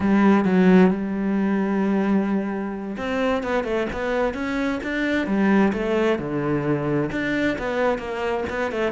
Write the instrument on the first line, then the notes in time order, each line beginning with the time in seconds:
cello
0.00 G3
0.44 F#3
0.90 G3
2.97 C4
3.43 B3
3.64 A3
3.92 B3
4.34 C#4
4.83 D4
5.26 G3
5.73 A3
6.18 D3
7.11 D4
7.58 B3
7.98 A#3
8.49 B3
8.71 A3